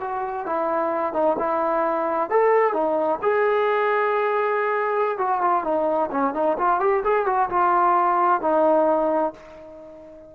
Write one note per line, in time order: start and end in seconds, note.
0.00 0.46 F#4
0.46 1.13 E4
1.13 1.36 D#4
1.39 2.30 E4
2.30 2.73 A4
2.73 3.19 D#4
3.22 5.18 G#4
5.18 5.41 F#4
5.41 5.64 F4
5.64 6.10 D#4
6.11 6.34 C#4
6.34 6.57 D#4
6.58 6.80 F4
6.80 7.03 G4
7.04 7.26 G#4
7.26 7.49 F#4
7.50 8.41 F4
8.41 9.34 D#4